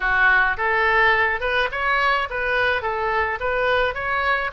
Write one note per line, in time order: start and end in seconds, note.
0.00 0.57 F#4
0.57 1.40 A4
1.40 1.68 B4
1.71 2.28 C#5
2.30 2.81 B4
2.81 3.38 A4
3.40 3.94 B4
3.94 4.51 C#5